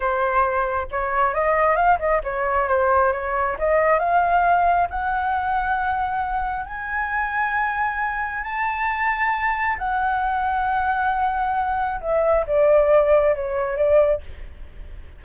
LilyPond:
\new Staff \with { instrumentName = "flute" } { \time 4/4 \tempo 4 = 135 c''2 cis''4 dis''4 | f''8 dis''8 cis''4 c''4 cis''4 | dis''4 f''2 fis''4~ | fis''2. gis''4~ |
gis''2. a''4~ | a''2 fis''2~ | fis''2. e''4 | d''2 cis''4 d''4 | }